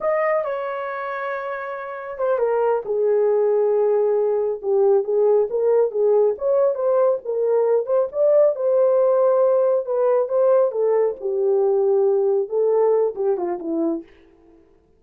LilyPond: \new Staff \with { instrumentName = "horn" } { \time 4/4 \tempo 4 = 137 dis''4 cis''2.~ | cis''4 c''8 ais'4 gis'4.~ | gis'2~ gis'8 g'4 gis'8~ | gis'8 ais'4 gis'4 cis''4 c''8~ |
c''8 ais'4. c''8 d''4 c''8~ | c''2~ c''8 b'4 c''8~ | c''8 a'4 g'2~ g'8~ | g'8 a'4. g'8 f'8 e'4 | }